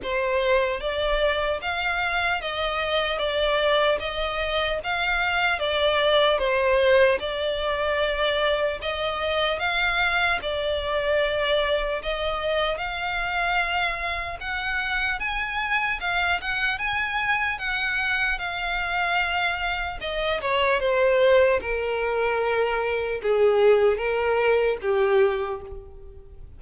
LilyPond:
\new Staff \with { instrumentName = "violin" } { \time 4/4 \tempo 4 = 75 c''4 d''4 f''4 dis''4 | d''4 dis''4 f''4 d''4 | c''4 d''2 dis''4 | f''4 d''2 dis''4 |
f''2 fis''4 gis''4 | f''8 fis''8 gis''4 fis''4 f''4~ | f''4 dis''8 cis''8 c''4 ais'4~ | ais'4 gis'4 ais'4 g'4 | }